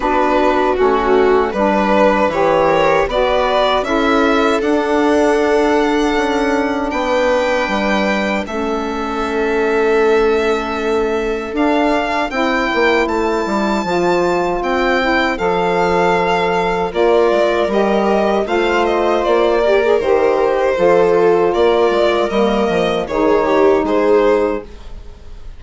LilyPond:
<<
  \new Staff \with { instrumentName = "violin" } { \time 4/4 \tempo 4 = 78 b'4 fis'4 b'4 cis''4 | d''4 e''4 fis''2~ | fis''4 g''2 e''4~ | e''2. f''4 |
g''4 a''2 g''4 | f''2 d''4 dis''4 | f''8 dis''8 d''4 c''2 | d''4 dis''4 cis''4 c''4 | }
  \new Staff \with { instrumentName = "viola" } { \time 4/4 fis'2 b'4. ais'8 | b'4 a'2.~ | a'4 b'2 a'4~ | a'1 |
c''1~ | c''2 ais'2 | c''4. ais'4. a'4 | ais'2 gis'8 g'8 gis'4 | }
  \new Staff \with { instrumentName = "saxophone" } { \time 4/4 d'4 cis'4 d'4 g'4 | fis'4 e'4 d'2~ | d'2. cis'4~ | cis'2. d'4 |
e'2 f'4. e'8 | a'2 f'4 g'4 | f'4. g'16 gis'16 g'4 f'4~ | f'4 ais4 dis'2 | }
  \new Staff \with { instrumentName = "bassoon" } { \time 4/4 b4 a4 g4 e4 | b4 cis'4 d'2 | cis'4 b4 g4 a4~ | a2. d'4 |
c'8 ais8 a8 g8 f4 c'4 | f2 ais8 gis8 g4 | a4 ais4 dis4 f4 | ais8 gis8 g8 f8 dis4 gis4 | }
>>